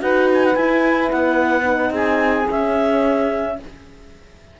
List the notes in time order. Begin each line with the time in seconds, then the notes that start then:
0.00 D#4 F#4 B4 F#5
0.34 G#5
0.45 F#5
0.55 E4 G#5
1.11 B3 F#5
1.63 D#4
1.91 C4 G#4 G#5
2.48 C#4 E5